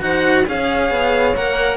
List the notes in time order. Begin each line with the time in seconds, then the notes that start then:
0.00 D#4 F#4 C5 F#5
0.46 C#4 G#4 C#5 F5
0.91 B3
1.36 A#3 A#4 F#5